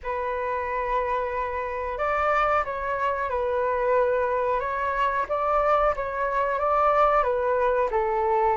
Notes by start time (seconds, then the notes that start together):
0.03 B4
1.98 D5
2.65 C#5
3.29 B4
4.60 C#5
5.28 D5
5.96 C#5
6.59 D5
7.23 B4
7.90 A4